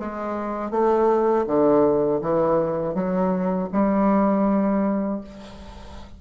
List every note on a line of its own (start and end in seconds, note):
0.00 0.71 G#3
0.71 1.45 A3
1.47 2.21 D3
2.22 2.95 E3
2.95 3.69 F#3
3.73 5.21 G3